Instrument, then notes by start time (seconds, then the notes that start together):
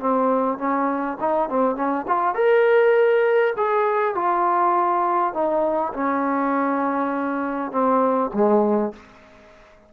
trombone
0.00 C4
0.58 C#4
1.20 D#4
1.49 C4
1.76 C#4
2.08 F4
2.35 A#4
3.57 G#4
4.14 F4
5.34 D#4
5.94 C#4
7.71 C4
8.34 G#3